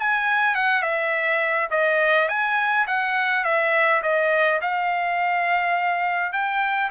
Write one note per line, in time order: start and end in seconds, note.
0.00 0.55 G#5
0.55 0.83 F#5
0.83 1.69 E5
1.71 2.29 D#5
2.29 2.87 G#5
2.88 3.45 F#5
3.45 4.02 E5
4.03 4.61 D#5
4.62 6.33 F5
6.33 6.91 G5